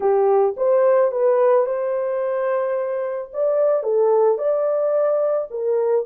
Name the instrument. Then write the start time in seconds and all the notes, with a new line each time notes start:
horn
0.00 G4
0.57 C5
1.11 B4
1.66 C5
3.33 D5
3.83 A4
4.38 D5
5.50 A#4